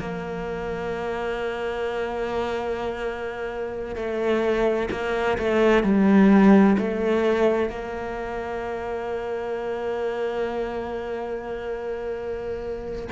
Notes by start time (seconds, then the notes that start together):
0.00 A#3
3.96 A3
4.91 A#3
5.38 A3
5.83 G3
6.78 A3
7.70 A#3